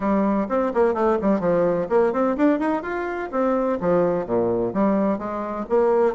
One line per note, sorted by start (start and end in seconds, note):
0.00 0.47 G3
0.48 0.72 C4
0.73 0.93 A#3
0.93 1.17 A3
1.21 1.40 G3
1.40 1.87 F3
1.89 2.12 A#3
2.12 2.36 C4
2.36 2.59 D4
2.59 2.82 D#4
2.82 3.29 F4
3.31 3.78 C4
3.80 4.26 F3
4.26 4.73 A#2
4.73 5.18 G3
5.18 5.65 G#3
5.69 6.14 A#3